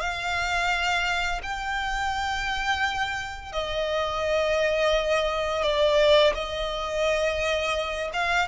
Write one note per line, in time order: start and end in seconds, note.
0.00 1.41 F5
1.43 3.52 G5
3.52 5.63 D#5
5.63 6.33 D5
6.34 8.11 D#5
8.13 8.48 F5